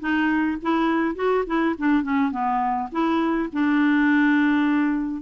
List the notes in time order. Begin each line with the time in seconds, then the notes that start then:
0.00 D#4
0.62 E4
1.16 F#4
1.47 E4
1.78 D4
2.03 C#4
2.32 B3
2.92 E4
3.52 D4